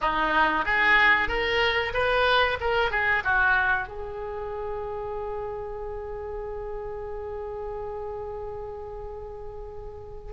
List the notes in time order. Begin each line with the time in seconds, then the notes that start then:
0.01 D#4
0.65 G#4
1.28 A#4
1.93 B4
2.60 A#4
2.91 G#4
3.23 F#4
3.87 G#4